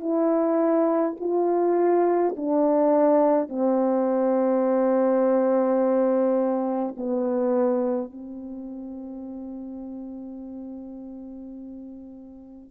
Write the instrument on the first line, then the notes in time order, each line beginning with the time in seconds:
horn
0.00 E4
1.20 F4
2.37 D4
3.49 C4
6.97 B3
8.11 C4